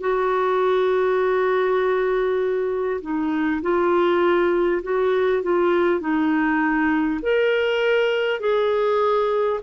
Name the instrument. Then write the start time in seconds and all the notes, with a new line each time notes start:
clarinet
0.00 F#4
3.01 D#4
3.62 F4
4.83 F#4
5.42 F4
6.00 D#4
7.22 A#4
8.40 G#4